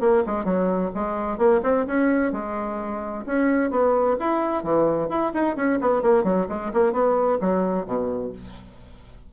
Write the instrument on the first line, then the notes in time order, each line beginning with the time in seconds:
bassoon
0.00 A#3
0.26 G#3
0.44 F#3
0.94 G#3
1.37 A#3
1.63 C4
1.86 C#4
2.32 G#3
3.26 C#4
3.70 B3
4.19 E4
4.63 E3
5.09 E4
5.33 D#4
5.56 C#4
5.80 B3
6.02 A#3
6.23 F#3
6.48 G#3
6.73 A#3
6.92 B3
7.40 F#3
7.86 B2